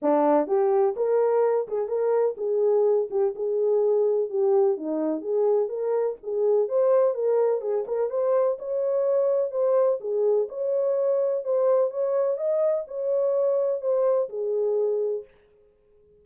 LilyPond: \new Staff \with { instrumentName = "horn" } { \time 4/4 \tempo 4 = 126 d'4 g'4 ais'4. gis'8 | ais'4 gis'4. g'8 gis'4~ | gis'4 g'4 dis'4 gis'4 | ais'4 gis'4 c''4 ais'4 |
gis'8 ais'8 c''4 cis''2 | c''4 gis'4 cis''2 | c''4 cis''4 dis''4 cis''4~ | cis''4 c''4 gis'2 | }